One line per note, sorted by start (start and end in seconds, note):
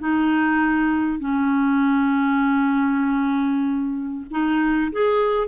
0.00 1.20 D#4
1.20 4.26 C#4
4.31 4.92 D#4
4.93 5.48 G#4